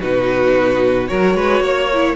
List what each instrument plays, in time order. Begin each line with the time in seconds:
0.00 cello B2, viola D#4, violin F#4 B4
1.07 cello F#3, viola F#4, violin A#4 C#5
1.34 cello G#3, violin B4
1.60 cello A#3, violin C#5
1.93 viola E4